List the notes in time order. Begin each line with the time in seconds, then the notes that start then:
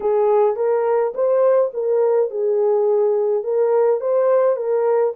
0.00 G#4
0.56 A#4
1.14 C5
1.73 A#4
2.30 G#4
3.43 A#4
4.00 C5
4.56 A#4